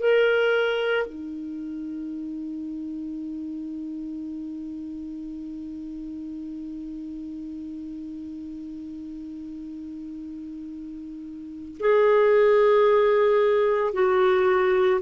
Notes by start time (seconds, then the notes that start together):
0.00 A#4
1.07 D#4
11.80 G#4
13.94 F#4